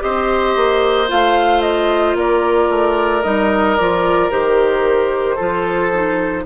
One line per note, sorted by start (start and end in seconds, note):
0.00 0.56 C4
0.00 1.07 G4
0.00 2.18 C5
0.00 1.10 D#5
0.56 1.10 A#3
1.08 2.15 A3
1.08 3.22 F4
1.08 1.61 F5
1.61 2.15 D#5
2.15 2.68 A#3
2.15 5.35 A#4
2.15 3.23 D5
2.70 3.23 A3
3.23 3.78 G3
3.23 3.77 D#4
3.23 3.77 D#5
3.77 4.31 F3
3.77 4.30 F4
3.77 4.30 D5
4.30 5.38 D#3
4.30 5.37 G4
4.30 6.45 C5
5.35 6.46 F3
5.35 5.92 F4
5.35 6.43 A4
5.94 6.46 D#4